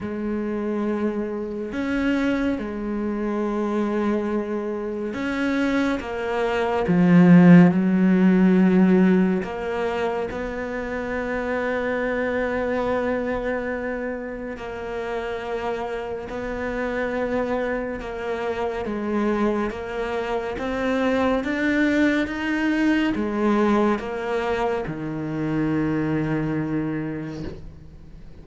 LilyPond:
\new Staff \with { instrumentName = "cello" } { \time 4/4 \tempo 4 = 70 gis2 cis'4 gis4~ | gis2 cis'4 ais4 | f4 fis2 ais4 | b1~ |
b4 ais2 b4~ | b4 ais4 gis4 ais4 | c'4 d'4 dis'4 gis4 | ais4 dis2. | }